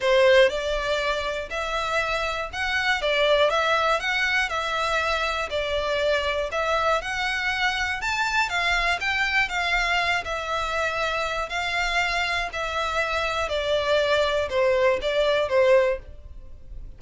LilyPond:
\new Staff \with { instrumentName = "violin" } { \time 4/4 \tempo 4 = 120 c''4 d''2 e''4~ | e''4 fis''4 d''4 e''4 | fis''4 e''2 d''4~ | d''4 e''4 fis''2 |
a''4 f''4 g''4 f''4~ | f''8 e''2~ e''8 f''4~ | f''4 e''2 d''4~ | d''4 c''4 d''4 c''4 | }